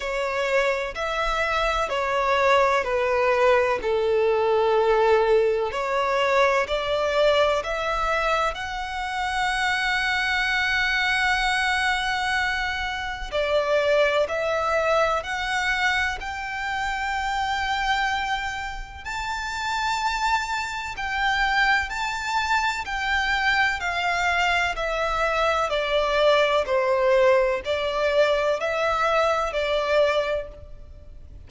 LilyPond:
\new Staff \with { instrumentName = "violin" } { \time 4/4 \tempo 4 = 63 cis''4 e''4 cis''4 b'4 | a'2 cis''4 d''4 | e''4 fis''2.~ | fis''2 d''4 e''4 |
fis''4 g''2. | a''2 g''4 a''4 | g''4 f''4 e''4 d''4 | c''4 d''4 e''4 d''4 | }